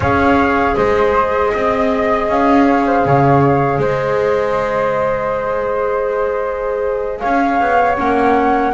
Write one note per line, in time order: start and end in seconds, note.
0.00 0.74 C#4
0.00 7.97 G#4
0.00 0.76 C#5
0.00 0.75 F5
0.75 1.52 G#3
0.75 1.52 C5
0.75 2.27 D#5
1.53 2.28 C4
1.53 2.65 D#5
2.28 3.04 C#4
2.28 3.80 F5
2.65 2.84 C#5
2.86 3.05 C5
3.05 3.78 C#3
3.05 3.80 C#5
3.78 7.20 G#3
3.78 7.20 C5
3.78 7.19 D#5
7.19 7.60 C#4
7.19 8.72 C#5
7.19 7.95 F5
7.60 7.98 B3
7.97 8.73 A#3
7.97 8.73 C#4
7.97 8.73 F#5